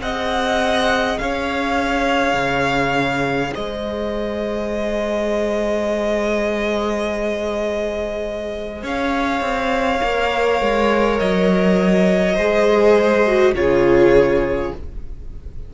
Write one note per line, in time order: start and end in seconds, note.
0.00 1.18 C4
0.00 10.00 G#4
0.00 1.20 D#5
0.00 1.18 F#5
1.18 2.34 C#4
1.18 3.54 C#5
1.18 3.53 F5
2.34 3.51 C#3
3.54 8.83 G#3
3.54 8.83 C5
3.54 8.84 D#5
8.83 9.41 C#4
8.83 12.34 C#5
8.83 11.19 F5
9.41 10.00 C4
10.01 10.61 A#3
10.01 12.37 A#4
10.61 11.19 G#3
11.19 12.37 F#3
11.19 13.54 D#5
12.34 13.53 G#3
12.34 13.26 G#4
12.34 13.52 C5
13.26 13.55 F#4
13.53 14.71 C#3
13.53 14.73 F4
13.53 14.74 G#4
13.53 14.73 C#5